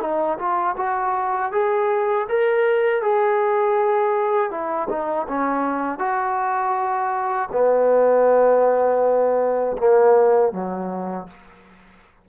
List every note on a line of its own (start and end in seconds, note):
0.00 0.38 D#4
0.38 0.75 F4
0.76 1.51 F#4
1.52 2.27 G#4
2.28 3.02 A#4
3.02 4.50 G#4
4.50 4.88 E4
4.89 5.26 D#4
5.27 5.98 C#4
5.98 7.48 F#4
7.51 9.76 B3
9.77 10.52 A#3
10.52 11.27 F#3